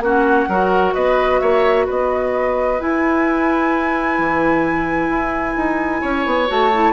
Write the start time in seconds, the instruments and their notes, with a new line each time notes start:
0.00 bassoon A#3, clarinet C#4, oboe F#4, flute F#5
0.48 bassoon F#3, clarinet F#4, oboe A#4
0.94 bassoon B3, oboe B4, flute D#5
1.40 bassoon A#3, oboe C#5, flute E5
1.86 bassoon B3, oboe B4, flute D#5
2.80 clarinet E4, bassoon E4, flute G#5
4.18 bassoon E3
5.09 bassoon E4
5.56 bassoon D#4
6.01 bassoon C#4, oboe C#5
6.26 bassoon B3
6.48 bassoon A3, clarinet F#4, flute A5
6.74 clarinet E4